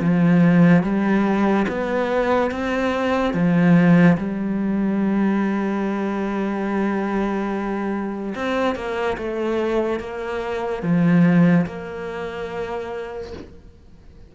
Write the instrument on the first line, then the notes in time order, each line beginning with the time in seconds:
cello
0.00 F3
0.83 G3
1.68 B3
2.51 C4
3.33 F3
4.17 G3
8.34 C4
8.75 A#3
9.17 A3
10.00 A#3
10.82 F3
11.66 A#3